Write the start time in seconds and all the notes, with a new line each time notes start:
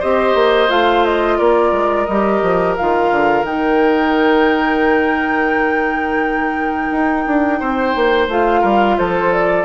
0.00 C4 G4 C5 D#5
0.35 A#3
0.69 A3 F4 F5
1.05 D#5
1.38 A#3 A#4 D5
1.72 G#3
2.05 G3 G4 D#5
2.42 F3
2.76 D#3 F4 F5
3.11 D3
3.43 D#3 D#4 G5
6.92 D#4
7.27 D4
7.60 C4 C5
7.96 A#3
8.28 A3 F4 F5
8.61 G3 A#4
8.98 F3 A4 C5
9.33 D5